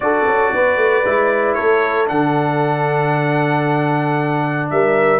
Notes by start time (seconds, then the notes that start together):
0.00 D4 F#4 A4 D5
0.26 C#4
0.53 B3 B4
0.76 A3
1.04 G#3 E4
1.54 A3 A4 C#5
2.06 D3 D4 F#5
4.69 G3 A#4 E5